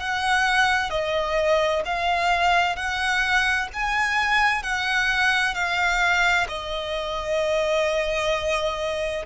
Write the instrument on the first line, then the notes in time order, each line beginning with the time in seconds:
violin
0.00 F#5
0.91 D#5
1.86 F5
2.76 F#5
3.73 G#5
4.63 F#5
5.55 F5
6.49 D#5